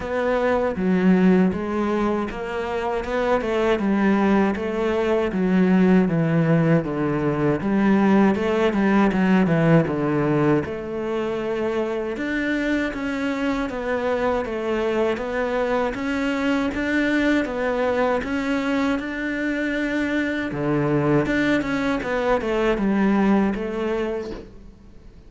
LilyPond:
\new Staff \with { instrumentName = "cello" } { \time 4/4 \tempo 4 = 79 b4 fis4 gis4 ais4 | b8 a8 g4 a4 fis4 | e4 d4 g4 a8 g8 | fis8 e8 d4 a2 |
d'4 cis'4 b4 a4 | b4 cis'4 d'4 b4 | cis'4 d'2 d4 | d'8 cis'8 b8 a8 g4 a4 | }